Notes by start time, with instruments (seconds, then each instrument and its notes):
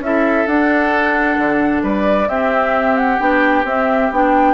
0.00 bassoon C#4, clarinet E4, flute E5
0.06 oboe A4
0.47 bassoon D4, clarinet D4, flute F#5
1.39 bassoon D3
1.83 bassoon G3, oboe B4, flute D5
2.28 bassoon C4, clarinet C4, oboe G4, flute E5
2.97 flute F#5
3.19 bassoon B3, clarinet D4, flute G5
3.64 bassoon C4, clarinet C4, flute E5
4.12 bassoon B3, clarinet D4, flute G5